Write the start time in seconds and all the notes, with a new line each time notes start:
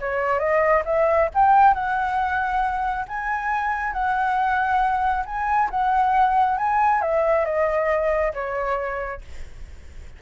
0.00 C#5
0.40 D#5
0.86 E5
1.35 G5
1.75 F#5
3.08 G#5
3.93 F#5
5.26 G#5
5.71 F#5
6.58 G#5
7.02 E5
7.46 D#5
8.34 C#5